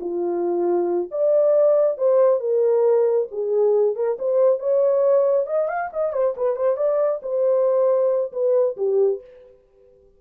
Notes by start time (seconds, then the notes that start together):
0.00 F4
1.11 D5
1.97 C5
2.40 A#4
3.31 G#4
3.95 A#4
4.19 C5
4.59 C#5
5.46 D#5
5.68 F5
5.93 D#5
6.13 C5
6.37 B4
6.56 C5
6.77 D5
7.22 C5
8.32 B4
8.77 G4